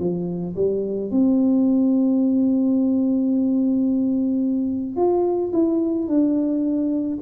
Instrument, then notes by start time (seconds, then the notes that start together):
tuba
0.00 F3
0.56 G3
1.11 C4
4.97 F4
5.53 E4
6.08 D4